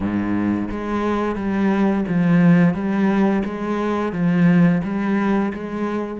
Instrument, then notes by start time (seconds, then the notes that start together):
cello
0.00 G#2
0.71 G#3
1.35 G3
2.08 F3
2.74 G3
3.45 G#3
4.12 F3
4.83 G3
5.53 G#3